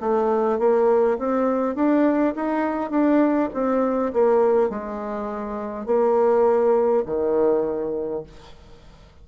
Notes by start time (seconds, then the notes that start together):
0.00 A3
0.59 A#3
1.18 C4
1.75 D4
2.35 D#4
2.90 D4
3.53 C4
4.13 A#3
4.70 G#3
5.86 A#3
7.05 D#3